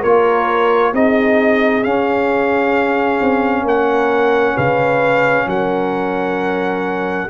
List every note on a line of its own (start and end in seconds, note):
0.00 0.93 A#3
0.00 0.94 F4
0.00 0.91 A#4
0.00 0.94 C#5
0.92 1.83 C4
0.92 1.83 D#4
0.92 3.65 G#4
0.92 1.83 D#5
1.83 7.28 C#4
1.83 3.20 C#4
1.83 3.65 F5
3.21 3.63 C4
3.63 4.54 A#3
3.63 4.54 A#4
3.63 4.57 F#5
4.54 5.46 C#3
4.54 5.45 B4
4.54 5.48 F5
5.46 7.28 F#3
5.46 7.29 A#4
5.46 7.29 F#5